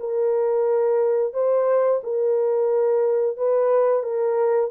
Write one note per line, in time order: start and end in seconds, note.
0.00 1.34 A#4
1.34 2.01 C5
2.03 3.37 A#4
3.37 4.03 B4
4.03 4.70 A#4